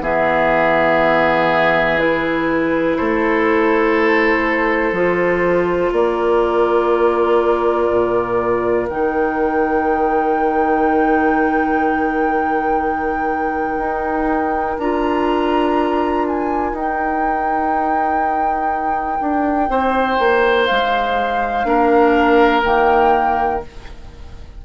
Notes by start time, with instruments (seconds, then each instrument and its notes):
0.00 bassoon E3, clarinet B3, oboe G#4, flute E5
1.98 clarinet E4, flute B4
2.96 bassoon A3, oboe A4, flute C5
4.92 bassoon F3, clarinet F4
5.92 bassoon A#3, oboe A#4, flute D5
7.89 bassoon A#2
8.89 bassoon D#3, clarinet D#4, flute G5
13.77 bassoon D#4
14.78 bassoon D4, clarinet F4, flute A#5
16.26 flute G#5
16.72 bassoon D#4, clarinet D#4, flute G5
19.20 bassoon D4
19.68 bassoon C4, oboe C5
20.18 bassoon A#3
20.65 bassoon G#3, flute F5
21.64 bassoon A#3, clarinet D4, oboe A#4
22.63 bassoon D#3, clarinet A#3, flute G5